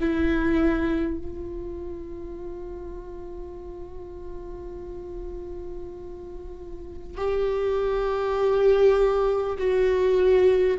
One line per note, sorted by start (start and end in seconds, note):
0.00 1.17 E4
1.17 7.17 F4
7.17 9.57 G4
9.57 10.77 F#4